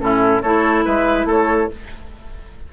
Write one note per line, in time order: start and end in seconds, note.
0.00 0.42 A2
0.00 0.42 C#4
0.00 0.43 E4
0.00 0.42 A4
0.42 0.86 A3
0.42 1.72 E4
0.42 0.85 A4
0.42 0.85 C#5
0.85 1.26 G#3
0.85 1.27 B4
0.85 1.28 E5
1.26 1.68 A3
1.26 1.69 A4
1.26 1.73 C#5